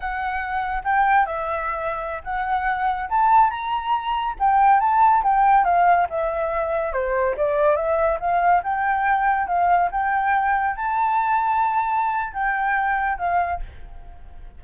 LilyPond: \new Staff \with { instrumentName = "flute" } { \time 4/4 \tempo 4 = 141 fis''2 g''4 e''4~ | e''4~ e''16 fis''2 a''8.~ | a''16 ais''2 g''4 a''8.~ | a''16 g''4 f''4 e''4.~ e''16~ |
e''16 c''4 d''4 e''4 f''8.~ | f''16 g''2 f''4 g''8.~ | g''4~ g''16 a''2~ a''8.~ | a''4 g''2 f''4 | }